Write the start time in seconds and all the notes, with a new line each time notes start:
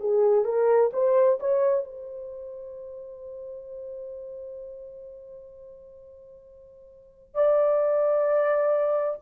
0.00 G#4
0.44 A#4
0.93 C5
1.40 C#5
1.84 C5
7.35 D5